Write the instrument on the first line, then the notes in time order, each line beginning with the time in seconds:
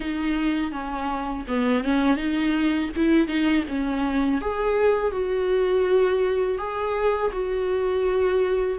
viola
0.00 D#4
0.72 C#4
1.47 B3
1.84 C#4
2.17 D#4
2.95 E4
3.27 D#4
3.68 C#4
4.41 G#4
5.11 F#4
6.58 G#4
7.32 F#4